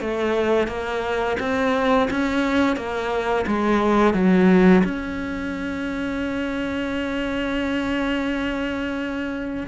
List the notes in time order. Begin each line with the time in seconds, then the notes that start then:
0.00 A3
0.67 A#3
1.39 C4
2.10 C#4
2.76 A#3
3.47 G#3
4.14 F#3
4.84 C#4